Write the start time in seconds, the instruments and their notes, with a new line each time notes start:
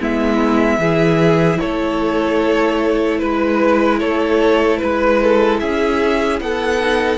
0.00 cello G#3, viola B3, violin E4 E5
0.79 cello E3, viola E4, violin G#4
1.60 cello A3, violin A4 C#5
3.19 cello G#3, violin B4
3.99 cello A3, violin A4 C#5
4.78 cello G#3, violin B4
5.23 violin A4
5.60 cello C#4, violin G#4 E5
6.40 cello B3, violin A4 F#5
6.80 viola D#4